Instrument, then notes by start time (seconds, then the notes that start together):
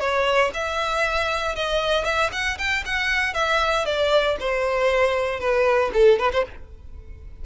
violin
0.00 C#5
0.54 E5
1.56 D#5
2.05 E5
2.32 F#5
2.58 G5
2.86 F#5
3.34 E5
3.86 D5
4.40 C5
5.40 B4
5.94 A4
6.19 B4
6.33 C5